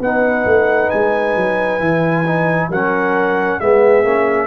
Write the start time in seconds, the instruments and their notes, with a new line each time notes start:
0.00 tuba B3, trombone D#4, horn B4, trumpet F#5
0.45 tuba A3
0.90 tuba G#3, trumpet G#5
1.36 tuba F#3
1.79 tuba E3, trombone E4
2.26 trombone D#4
2.69 tuba F#3, trombone C#4, horn A#4, trumpet F#5
3.60 tuba G#3, trombone B3, horn G#4, trumpet E5
4.04 tuba A#3, trombone C#4